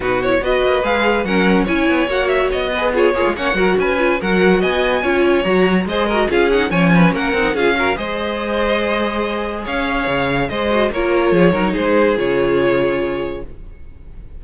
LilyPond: <<
  \new Staff \with { instrumentName = "violin" } { \time 4/4 \tempo 4 = 143 b'8 cis''8 dis''4 f''4 fis''4 | gis''4 fis''8 e''8 dis''4 cis''4 | fis''4 gis''4 fis''4 gis''4~ | gis''4 ais''4 dis''4 f''8 fis''8 |
gis''4 fis''4 f''4 dis''4~ | dis''2. f''4~ | f''4 dis''4 cis''2 | c''4 cis''2. | }
  \new Staff \with { instrumentName = "violin" } { \time 4/4 fis'4 b'2 ais'4 | cis''2~ cis''8 b'8 gis'8 f'8 | cis''8 ais'8 b'4 ais'4 dis''4 | cis''2 c''8 ais'8 gis'4 |
cis''8 b'8 ais'4 gis'8 ais'8 c''4~ | c''2. cis''4~ | cis''4 c''4 ais'4 gis'8 ais'8 | gis'1 | }
  \new Staff \with { instrumentName = "viola" } { \time 4/4 dis'8 e'8 fis'4 gis'4 cis'4 | e'4 fis'4. gis'8 f'8 gis'8 | cis'8 fis'4 f'8 fis'2 | f'4 fis'4 gis'8 fis'8 f'8 dis'8 |
cis'4. dis'8 f'8 fis'8 gis'4~ | gis'1~ | gis'4. fis'8 f'4. dis'8~ | dis'4 f'2. | }
  \new Staff \with { instrumentName = "cello" } { \time 4/4 b,4 b8 ais8 gis4 fis4 | cis'8 b8 ais4 b4. ais16 gis16 | ais8 fis8 cis'4 fis4 b4 | cis'4 fis4 gis4 cis'4 |
f4 ais8 c'8 cis'4 gis4~ | gis2. cis'4 | cis4 gis4 ais4 f8 fis8 | gis4 cis2. | }
>>